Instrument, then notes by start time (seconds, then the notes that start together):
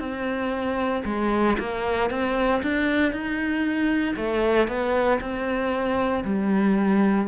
cello
0.00 C4
1.06 G#3
1.59 A#3
2.11 C4
2.63 D4
3.13 D#4
4.17 A3
4.68 B3
5.21 C4
6.24 G3